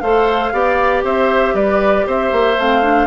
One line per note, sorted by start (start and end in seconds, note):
0.00 0.53 A3
0.00 0.53 A4
0.00 0.53 C5
0.00 1.03 F5
0.53 1.04 B3
0.53 2.58 G4
0.53 1.04 D5
1.04 1.54 C4
1.04 1.55 C5
1.04 1.56 E5
1.54 2.05 G3
1.54 2.06 B4
1.54 2.07 D5
2.07 2.32 C4
2.07 3.07 C5
2.07 2.60 E5
2.32 2.57 A#3
2.58 3.07 A3
2.58 2.82 C4
2.58 3.07 F5
2.82 3.07 D4